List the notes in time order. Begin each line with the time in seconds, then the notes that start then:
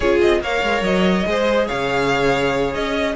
0.00 C#4 F4 G#4 C#5
0.21 C4 D#5
0.40 A#3 A#4 C#5 F5
0.63 G#3
0.81 F#3 D#5
1.25 G#3 G#4 C5
1.67 C#3 C#5 F5
2.73 C#4 D#5